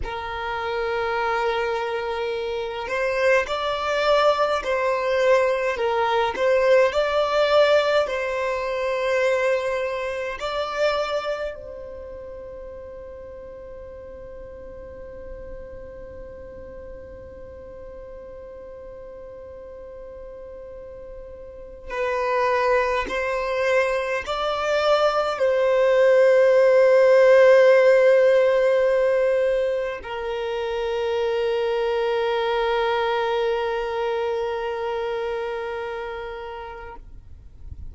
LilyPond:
\new Staff \with { instrumentName = "violin" } { \time 4/4 \tempo 4 = 52 ais'2~ ais'8 c''8 d''4 | c''4 ais'8 c''8 d''4 c''4~ | c''4 d''4 c''2~ | c''1~ |
c''2. b'4 | c''4 d''4 c''2~ | c''2 ais'2~ | ais'1 | }